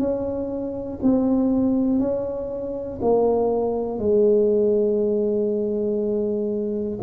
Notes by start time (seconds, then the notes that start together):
0.00 C#4
1.03 C4
2.00 C#4
3.02 A#3
4.00 G#3